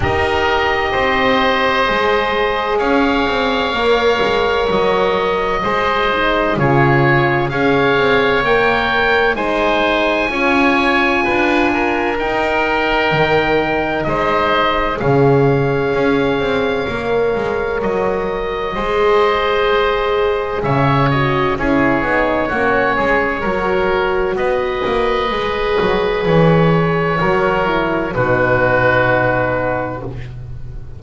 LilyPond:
<<
  \new Staff \with { instrumentName = "oboe" } { \time 4/4 \tempo 4 = 64 dis''2. f''4~ | f''4 dis''2 cis''4 | f''4 g''4 gis''2~ | gis''4 g''2 dis''4 |
f''2. dis''4~ | dis''2 e''8 dis''8 cis''4~ | cis''2 dis''2 | cis''2 b'2 | }
  \new Staff \with { instrumentName = "oboe" } { \time 4/4 ais'4 c''2 cis''4~ | cis''2 c''4 gis'4 | cis''2 c''4 cis''4 | b'8 ais'2~ ais'8 c''4 |
cis''1 | c''2 cis''4 gis'4 | fis'8 gis'8 ais'4 b'2~ | b'4 ais'4 fis'2 | }
  \new Staff \with { instrumentName = "horn" } { \time 4/4 g'2 gis'2 | ais'2 gis'8 dis'8 f'4 | gis'4 ais'4 dis'4 f'4~ | f'4 dis'2. |
gis'2 ais'2 | gis'2~ gis'8 fis'8 e'8 dis'8 | cis'4 fis'2 gis'4~ | gis'4 fis'8 e'8 dis'2 | }
  \new Staff \with { instrumentName = "double bass" } { \time 4/4 dis'4 c'4 gis4 cis'8 c'8 | ais8 gis8 fis4 gis4 cis4 | cis'8 c'8 ais4 gis4 cis'4 | d'4 dis'4 dis4 gis4 |
cis4 cis'8 c'8 ais8 gis8 fis4 | gis2 cis4 cis'8 b8 | ais8 gis8 fis4 b8 ais8 gis8 fis8 | e4 fis4 b,2 | }
>>